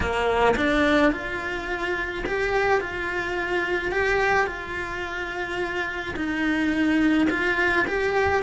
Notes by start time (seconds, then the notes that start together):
0.00 A#3
0.56 D4
1.12 F4
2.26 G4
2.80 F4
3.91 G4
4.47 F4
6.16 D#4
7.29 F4
7.87 G4